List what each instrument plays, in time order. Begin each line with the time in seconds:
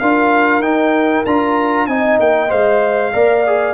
0.00 tuba D4, trombone F4, horn A#4, trumpet F5
0.59 tuba D#4, trombone D#4, trumpet G5
1.26 tuba D4, trombone F4, trumpet A#5
1.87 tuba C4, trombone D#4, horn D#5, trumpet G#5
2.20 tuba A#3, trumpet G5
2.49 tuba G#3, trombone C5, trumpet F5
3.13 tuba A#3, trombone A#4, horn D5
3.47 trombone G#4